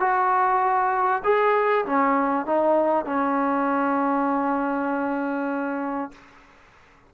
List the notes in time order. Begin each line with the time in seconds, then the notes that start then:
0.00 F#4
1.24 G#4
1.86 C#4
2.46 D#4
3.06 C#4